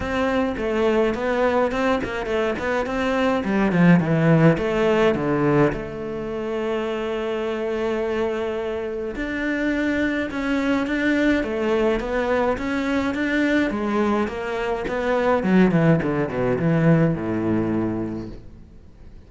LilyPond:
\new Staff \with { instrumentName = "cello" } { \time 4/4 \tempo 4 = 105 c'4 a4 b4 c'8 ais8 | a8 b8 c'4 g8 f8 e4 | a4 d4 a2~ | a1 |
d'2 cis'4 d'4 | a4 b4 cis'4 d'4 | gis4 ais4 b4 fis8 e8 | d8 b,8 e4 a,2 | }